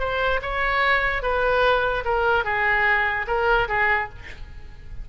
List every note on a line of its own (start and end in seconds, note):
0.00 0.41 C5
0.42 1.23 C#5
1.23 2.05 B4
2.05 2.45 A#4
2.45 3.26 G#4
3.28 3.68 A#4
3.69 4.10 G#4